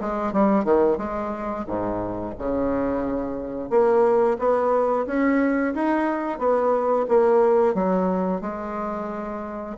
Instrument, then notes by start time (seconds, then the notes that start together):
bassoon
0.00 G#3
0.32 G3
0.64 D#3
0.97 G#3
1.67 G#2
2.38 C#3
3.70 A#3
4.39 B3
5.06 C#4
5.74 D#4
6.38 B3
7.08 A#3
7.74 F#3
8.41 G#3